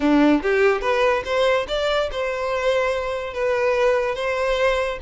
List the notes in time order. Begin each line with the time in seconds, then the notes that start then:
0.00 D4
0.42 G4
0.81 B4
1.24 C5
1.68 D5
2.11 C5
3.33 B4
4.15 C5